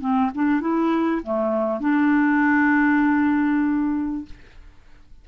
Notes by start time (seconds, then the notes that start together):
0.00 C4
0.35 D4
0.61 E4
1.23 A3
1.80 D4